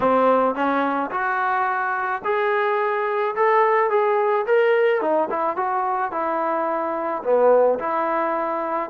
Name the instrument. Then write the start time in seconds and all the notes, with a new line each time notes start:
trombone
0.00 C4
0.54 C#4
1.10 F#4
2.24 G#4
3.35 A4
3.89 G#4
4.46 A#4
5.01 D#4
5.30 E4
5.56 F#4
6.11 E4
7.23 B3
7.79 E4